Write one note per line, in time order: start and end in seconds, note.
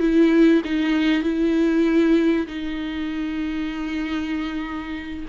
0.00 0.62 E4
0.65 1.23 D#4
1.23 2.47 E4
2.47 5.25 D#4